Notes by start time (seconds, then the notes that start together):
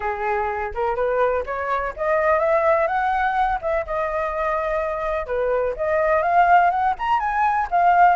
0.00 G#4
0.74 A#4
0.95 B4
1.45 C#5
1.96 D#5
2.39 E5
2.87 F#5
3.61 E5
3.86 D#5
5.26 B4
5.76 D#5
6.22 F5
6.70 F#5
6.98 A#5
7.19 G#5
7.71 F5